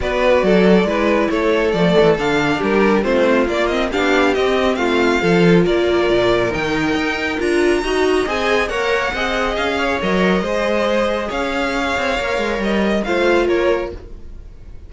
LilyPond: <<
  \new Staff \with { instrumentName = "violin" } { \time 4/4 \tempo 4 = 138 d''2. cis''4 | d''4 f''4 ais'4 c''4 | d''8 dis''8 f''4 dis''4 f''4~ | f''4 d''2 g''4~ |
g''4 ais''2 gis''4 | fis''2 f''4 dis''4~ | dis''2 f''2~ | f''4 dis''4 f''4 cis''4 | }
  \new Staff \with { instrumentName = "violin" } { \time 4/4 b'4 a'4 b'4 a'4~ | a'2 g'4 f'4~ | f'4 g'2 f'4 | a'4 ais'2.~ |
ais'2 dis''2 | cis''4 dis''4. cis''4. | c''2 cis''2~ | cis''2 c''4 ais'4 | }
  \new Staff \with { instrumentName = "viola" } { \time 4/4 fis'2 e'2 | a4 d'2 c'4 | ais8 c'8 d'4 c'2 | f'2. dis'4~ |
dis'4 f'4 fis'4 gis'4 | ais'4 gis'2 ais'4 | gis'1 | ais'2 f'2 | }
  \new Staff \with { instrumentName = "cello" } { \time 4/4 b4 fis4 gis4 a4 | f8 e8 d4 g4 a4 | ais4 b4 c'4 a4 | f4 ais4 ais,4 dis4 |
dis'4 d'4 dis'4 c'4 | ais4 c'4 cis'4 fis4 | gis2 cis'4. c'8 | ais8 gis8 g4 a4 ais4 | }
>>